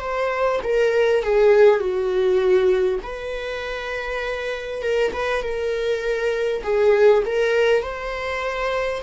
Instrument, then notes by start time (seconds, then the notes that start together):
viola
0.00 C5
0.63 A#4
1.23 G#4
1.79 F#4
3.03 B4
4.82 A#4
5.13 B4
5.43 A#4
6.63 G#4
7.26 A#4
7.83 C5